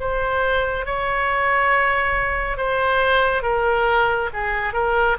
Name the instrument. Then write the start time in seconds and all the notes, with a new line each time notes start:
oboe
0.00 C5
0.85 C#5
2.57 C5
3.42 A#4
4.33 G#4
4.73 A#4